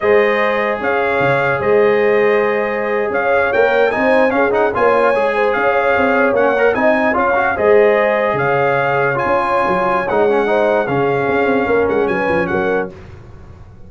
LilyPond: <<
  \new Staff \with { instrumentName = "trumpet" } { \time 4/4 \tempo 4 = 149 dis''2 f''2 | dis''2.~ dis''8. f''16~ | f''8. g''4 gis''4 f''8 fis''8 gis''16~ | gis''4.~ gis''16 f''2 fis''16~ |
fis''8. gis''4 f''4 dis''4~ dis''16~ | dis''8. f''2 gis''4~ gis''16~ | gis''4 fis''2 f''4~ | f''4. fis''8 gis''4 fis''4 | }
  \new Staff \with { instrumentName = "horn" } { \time 4/4 c''2 cis''2 | c''2.~ c''8. cis''16~ | cis''4.~ cis''16 c''4 gis'4 cis''16~ | cis''4~ cis''16 c''8 cis''2~ cis''16~ |
cis''8. dis''4 cis''4 c''4~ c''16~ | c''8. cis''2.~ cis''16~ | cis''2 c''4 gis'4~ | gis'4 ais'4 b'4 ais'4 | }
  \new Staff \with { instrumentName = "trombone" } { \time 4/4 gis'1~ | gis'1~ | gis'8. ais'4 dis'4 cis'8 dis'8 f'16~ | f'8. gis'2. cis'16~ |
cis'16 ais'8 dis'4 f'8 fis'8 gis'4~ gis'16~ | gis'2~ gis'8. f'4~ f'16~ | f'4 dis'8 cis'8 dis'4 cis'4~ | cis'1 | }
  \new Staff \with { instrumentName = "tuba" } { \time 4/4 gis2 cis'4 cis4 | gis2.~ gis8. cis'16~ | cis'8. ais4 c'4 cis'4 ais16~ | ais8. gis4 cis'4 c'4 ais16~ |
ais8. c'4 cis'4 gis4~ gis16~ | gis8. cis2~ cis16 cis'4 | fis4 gis2 cis4 | cis'8 c'8 ais8 gis8 fis8 f8 fis4 | }
>>